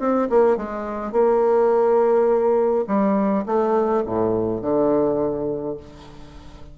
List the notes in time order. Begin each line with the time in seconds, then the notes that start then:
0.00 C4
0.30 A#3
0.57 G#3
1.12 A#3
2.88 G3
3.46 A3
4.06 A2
4.62 D3